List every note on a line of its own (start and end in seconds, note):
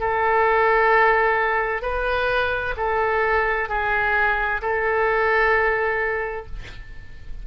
0.00 1.82 A4
1.82 2.74 B4
2.77 3.69 A4
3.69 4.61 G#4
4.62 6.46 A4